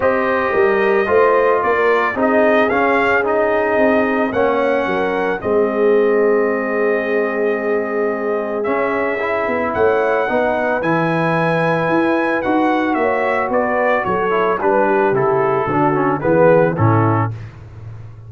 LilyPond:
<<
  \new Staff \with { instrumentName = "trumpet" } { \time 4/4 \tempo 4 = 111 dis''2. d''4 | dis''4 f''4 dis''2 | fis''2 dis''2~ | dis''1 |
e''2 fis''2 | gis''2. fis''4 | e''4 d''4 cis''4 b'4 | a'2 b'4 a'4 | }
  \new Staff \with { instrumentName = "horn" } { \time 4/4 c''4 ais'4 c''4 ais'4 | gis'1 | cis''4 ais'4 gis'2~ | gis'1~ |
gis'2 cis''4 b'4~ | b'1 | cis''4 b'4 a'4 b'8 g'8~ | g'4 fis'4 gis'4 e'4 | }
  \new Staff \with { instrumentName = "trombone" } { \time 4/4 g'2 f'2 | dis'4 cis'4 dis'2 | cis'2 c'2~ | c'1 |
cis'4 e'2 dis'4 | e'2. fis'4~ | fis'2~ fis'8 e'8 d'4 | e'4 d'8 cis'8 b4 cis'4 | }
  \new Staff \with { instrumentName = "tuba" } { \time 4/4 c'4 g4 a4 ais4 | c'4 cis'2 c'4 | ais4 fis4 gis2~ | gis1 |
cis'4. b8 a4 b4 | e2 e'4 dis'4 | ais4 b4 fis4 g4 | cis4 d4 e4 a,4 | }
>>